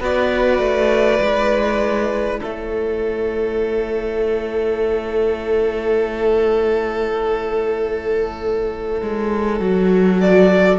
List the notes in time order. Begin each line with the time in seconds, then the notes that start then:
0.00 B3 F#4 B4 D5
0.59 A3
1.21 G#3 E4
2.39 A3 A4 C#5
9.02 G#3
9.60 F#3 F#4
10.21 D5